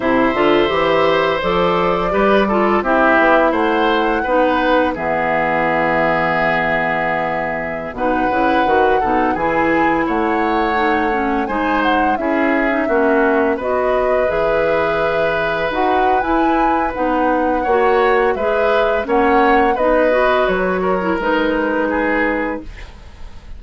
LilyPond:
<<
  \new Staff \with { instrumentName = "flute" } { \time 4/4 \tempo 4 = 85 e''2 d''2 | e''4 fis''2 e''4~ | e''2.~ e''16 fis''8.~ | fis''4~ fis''16 gis''4 fis''4.~ fis''16~ |
fis''16 gis''8 fis''8 e''2 dis''8.~ | dis''16 e''2 fis''8. gis''4 | fis''2 e''4 fis''4 | dis''4 cis''4 b'2 | }
  \new Staff \with { instrumentName = "oboe" } { \time 4/4 c''2. b'8 a'8 | g'4 c''4 b'4 gis'4~ | gis'2.~ gis'16 b'8.~ | b'8. a'8 gis'4 cis''4.~ cis''16~ |
cis''16 c''4 gis'4 fis'4 b'8.~ | b'1~ | b'4 cis''4 b'4 cis''4 | b'4. ais'4. gis'4 | }
  \new Staff \with { instrumentName = "clarinet" } { \time 4/4 e'8 f'8 g'4 a'4 g'8 f'8 | e'2 dis'4 b4~ | b2.~ b16 dis'8 e'16~ | e'16 fis'8 dis'8 e'2 dis'8 cis'16~ |
cis'16 dis'4 e'8. dis'16 cis'4 fis'8.~ | fis'16 gis'2 fis'8. e'4 | dis'4 fis'4 gis'4 cis'4 | dis'8 fis'4~ fis'16 e'16 dis'2 | }
  \new Staff \with { instrumentName = "bassoon" } { \time 4/4 c8 d8 e4 f4 g4 | c'8 b8 a4 b4 e4~ | e2.~ e16 b,8 cis16~ | cis16 dis8 b,8 e4 a4.~ a16~ |
a16 gis4 cis'4 ais4 b8.~ | b16 e2 dis'8. e'4 | b4 ais4 gis4 ais4 | b4 fis4 gis2 | }
>>